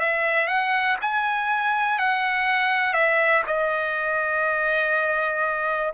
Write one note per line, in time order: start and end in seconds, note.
0.00 0.48 E5
0.48 0.97 F#5
1.02 1.99 G#5
1.99 2.94 F#5
2.94 3.43 E5
3.47 5.93 D#5